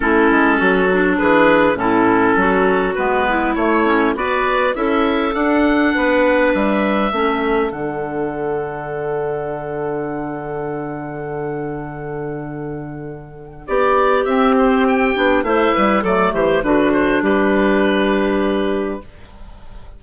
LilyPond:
<<
  \new Staff \with { instrumentName = "oboe" } { \time 4/4 \tempo 4 = 101 a'2 b'4 a'4~ | a'4 b'4 cis''4 d''4 | e''4 fis''2 e''4~ | e''4 fis''2.~ |
fis''1~ | fis''2. d''4 | e''8 c''8 g''4 e''4 d''8 c''8 | b'8 c''8 b'2. | }
  \new Staff \with { instrumentName = "clarinet" } { \time 4/4 e'4 fis'4 gis'4 e'4 | fis'4. e'4. b'4 | a'2 b'2 | a'1~ |
a'1~ | a'2. g'4~ | g'2 c''8 b'8 a'8 g'8 | fis'4 g'2. | }
  \new Staff \with { instrumentName = "clarinet" } { \time 4/4 cis'4. d'4. cis'4~ | cis'4 b4 a8 cis'8 fis'4 | e'4 d'2. | cis'4 d'2.~ |
d'1~ | d'1 | c'4. d'8 e'4 a4 | d'1 | }
  \new Staff \with { instrumentName = "bassoon" } { \time 4/4 a8 gis8 fis4 e4 a,4 | fis4 gis4 a4 b4 | cis'4 d'4 b4 g4 | a4 d2.~ |
d1~ | d2. b4 | c'4. b8 a8 g8 fis8 e8 | d4 g2. | }
>>